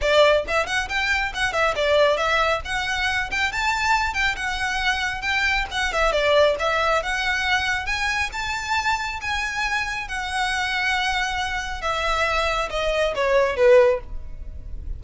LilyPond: \new Staff \with { instrumentName = "violin" } { \time 4/4 \tempo 4 = 137 d''4 e''8 fis''8 g''4 fis''8 e''8 | d''4 e''4 fis''4. g''8 | a''4. g''8 fis''2 | g''4 fis''8 e''8 d''4 e''4 |
fis''2 gis''4 a''4~ | a''4 gis''2 fis''4~ | fis''2. e''4~ | e''4 dis''4 cis''4 b'4 | }